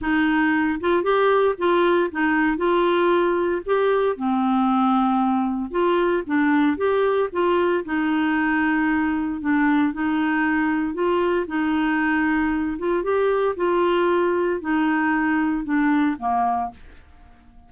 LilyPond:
\new Staff \with { instrumentName = "clarinet" } { \time 4/4 \tempo 4 = 115 dis'4. f'8 g'4 f'4 | dis'4 f'2 g'4 | c'2. f'4 | d'4 g'4 f'4 dis'4~ |
dis'2 d'4 dis'4~ | dis'4 f'4 dis'2~ | dis'8 f'8 g'4 f'2 | dis'2 d'4 ais4 | }